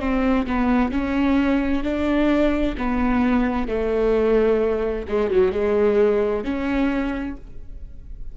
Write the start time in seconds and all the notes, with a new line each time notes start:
0.00 C4
0.47 B3
0.91 C#4
1.83 D4
2.77 B3
3.68 A3
5.08 G#3
5.31 F#3
5.52 G#3
6.44 C#4